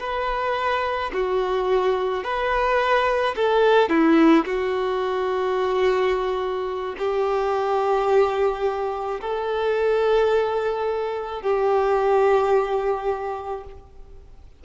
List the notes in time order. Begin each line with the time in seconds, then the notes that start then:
0.00 B4
1.14 F#4
2.24 B4
3.36 A4
3.89 E4
4.45 F#4
6.98 G4
9.21 A4
11.42 G4